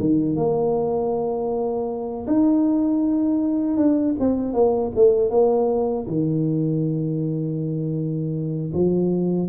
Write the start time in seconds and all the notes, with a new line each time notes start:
0.00 D#3
0.36 A#3
2.27 D#4
3.77 D4
4.19 C4
4.53 A#3
4.95 A3
5.30 A#3
6.07 D#3
8.73 F3